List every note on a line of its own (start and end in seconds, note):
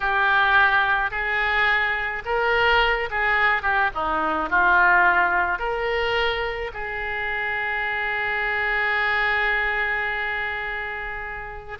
0.00 1.10 G4
1.10 2.23 G#4
2.25 3.09 A#4
3.10 3.62 G#4
3.62 3.90 G4
3.94 4.49 D#4
4.49 5.58 F4
5.58 6.71 A#4
6.73 11.78 G#4